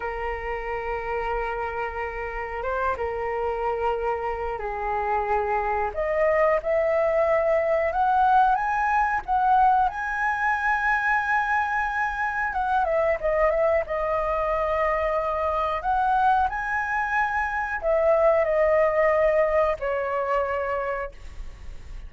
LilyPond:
\new Staff \with { instrumentName = "flute" } { \time 4/4 \tempo 4 = 91 ais'1 | c''8 ais'2~ ais'8 gis'4~ | gis'4 dis''4 e''2 | fis''4 gis''4 fis''4 gis''4~ |
gis''2. fis''8 e''8 | dis''8 e''8 dis''2. | fis''4 gis''2 e''4 | dis''2 cis''2 | }